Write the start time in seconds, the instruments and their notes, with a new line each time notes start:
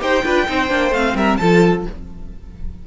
0.00 cello D#4, viola G4, violin C5 G5
0.25 cello D4, viola F4, violin B4
0.47 cello C4, viola D#4, violin C5
0.69 cello A#3, viola D4
0.91 cello A3, viola C4, violin F5
1.15 cello G3, violin A#4 E5
1.37 cello F3, viola F4, violin A4 A5